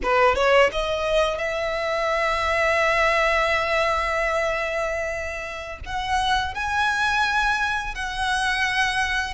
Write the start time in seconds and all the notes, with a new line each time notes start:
0.02 B4
0.35 C#5
0.72 D#5
1.38 E5
5.85 F#5
6.54 G#5
7.94 F#5